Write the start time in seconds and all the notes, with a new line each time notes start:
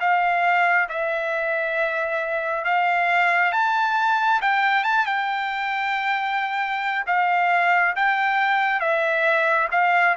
0.00 F5
0.89 E5
2.65 F5
3.52 A5
4.41 G5
4.84 A5
5.06 G5
7.07 F5
7.96 G5
8.80 E5
9.71 F5